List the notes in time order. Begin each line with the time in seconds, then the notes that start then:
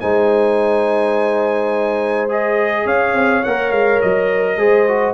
0.00 G#3 D#4 C5 G#5
2.29 G#4 D#5
2.84 C#4 C#5 F5
3.14 C4
3.43 A#3 A#4 F#5
3.71 G#3 F5
4.01 F#3 D#5
4.56 G#3 G#4 C5
4.87 F#4